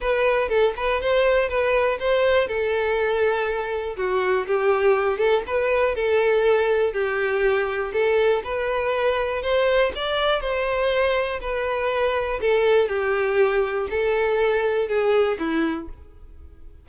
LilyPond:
\new Staff \with { instrumentName = "violin" } { \time 4/4 \tempo 4 = 121 b'4 a'8 b'8 c''4 b'4 | c''4 a'2. | fis'4 g'4. a'8 b'4 | a'2 g'2 |
a'4 b'2 c''4 | d''4 c''2 b'4~ | b'4 a'4 g'2 | a'2 gis'4 e'4 | }